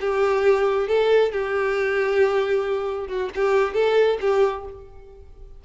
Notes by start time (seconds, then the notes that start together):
0.00 G4
0.88 A4
1.32 G4
3.07 F#4
3.35 G4
3.74 A4
4.20 G4